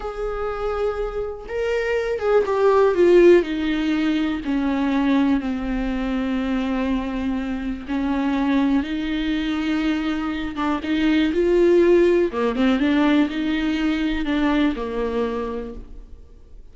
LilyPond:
\new Staff \with { instrumentName = "viola" } { \time 4/4 \tempo 4 = 122 gis'2. ais'4~ | ais'8 gis'8 g'4 f'4 dis'4~ | dis'4 cis'2 c'4~ | c'1 |
cis'2 dis'2~ | dis'4. d'8 dis'4 f'4~ | f'4 ais8 c'8 d'4 dis'4~ | dis'4 d'4 ais2 | }